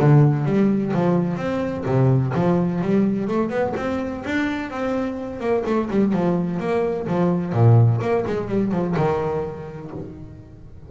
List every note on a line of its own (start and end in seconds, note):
0.00 0.46 D3
0.46 0.93 G3
0.94 1.37 F3
1.37 1.84 C4
1.86 2.33 C3
2.35 2.82 F3
2.82 3.28 G3
3.28 3.50 A3
3.50 3.74 B3
3.77 4.24 C4
4.25 4.71 D4
4.71 5.41 C4
5.41 5.64 A#3
5.66 5.90 A3
5.91 6.13 G3
6.13 6.60 F3
6.60 7.07 A#3
7.08 7.53 F3
7.53 8.00 A#2
8.01 8.25 A#3
8.27 8.48 G#3
8.48 8.72 G3
8.72 8.95 F3
8.97 9.91 D#3